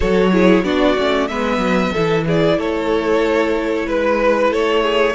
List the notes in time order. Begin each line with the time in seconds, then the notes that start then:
0.00 F#3 F#4 A4 C#5
0.32 E4 G#4
0.63 B3 D4 F#4 D5
0.98 A3 C#4
1.27 G#3 B3 B4 E5
1.57 F#3
1.92 E3 E4 A4
2.26 G#4 D5
2.57 A3 A4 C#5
3.86 G#3 B4
4.50 A3 A4 C#5
4.82 G#4